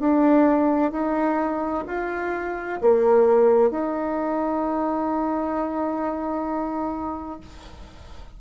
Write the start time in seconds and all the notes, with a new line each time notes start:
0.00 D4
0.92 D#4
1.88 F4
2.82 A#3
3.71 D#4